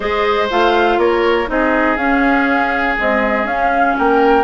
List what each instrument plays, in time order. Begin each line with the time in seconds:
0.00 bassoon G#3, clarinet G#4, oboe C5, flute D#5
0.50 bassoon A3, clarinet F4, flute F5
0.97 bassoon A#3, oboe A#4, flute C#5
1.47 bassoon C4, clarinet D#4, oboe G#4, flute D#5
1.96 bassoon C#4, clarinet C#4, flute F5
2.97 clarinet G#3, bassoon C4, flute D#5
3.44 bassoon C#4, clarinet C#4, flute F5
3.97 bassoon A#3, oboe A#4, flute G5